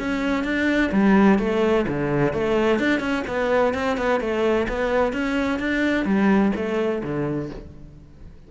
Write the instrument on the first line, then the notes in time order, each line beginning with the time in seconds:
cello
0.00 C#4
0.45 D4
0.93 G3
1.39 A3
1.89 D3
2.34 A3
2.80 D4
3.00 C#4
3.28 B3
3.75 C4
3.98 B3
4.21 A3
4.69 B3
5.13 C#4
5.60 D4
6.06 G3
6.56 A3
7.04 D3